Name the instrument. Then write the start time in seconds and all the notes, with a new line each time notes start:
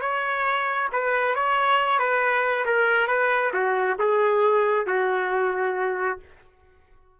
trumpet
0.00 C#5
0.92 B4
1.35 C#5
1.99 B4
2.65 A#4
3.07 B4
3.53 F#4
3.99 G#4
4.86 F#4